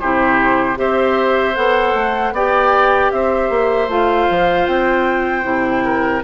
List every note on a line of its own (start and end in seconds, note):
0.00 0.78 C3
0.00 0.76 E4
0.00 0.78 G4
0.00 0.78 C5
0.76 1.56 C4
0.76 1.54 G4
0.76 2.35 C5
0.76 1.56 E5
1.55 1.94 B3
1.55 2.33 A4
1.55 2.34 F#5
1.94 2.32 A3
2.32 3.10 B3
2.32 3.90 G4
2.32 3.12 D5
2.32 3.12 G5
3.12 3.50 C4
3.12 5.85 C5
3.12 3.90 E5
3.50 3.88 A#3
3.88 4.27 A3
3.88 5.43 F4
3.88 4.67 F5
4.30 4.68 F3
4.67 5.45 C4
4.67 6.23 G5
5.43 6.23 C3
5.43 6.21 E4
5.85 6.24 A#4